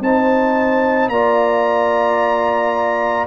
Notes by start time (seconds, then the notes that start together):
0.00 C4 D#4 C5 A5
1.08 A#3 F4 D5 A#5